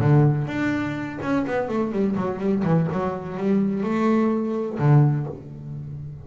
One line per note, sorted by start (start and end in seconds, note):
0.00 0.48 D3
0.48 1.19 D4
1.22 1.46 C#4
1.47 1.69 B3
1.69 1.92 A3
1.92 2.16 G3
2.16 2.39 F#3
2.39 2.63 G3
2.64 2.88 E3
2.92 3.37 F#3
3.37 3.84 G3
3.84 4.79 A3
4.79 5.27 D3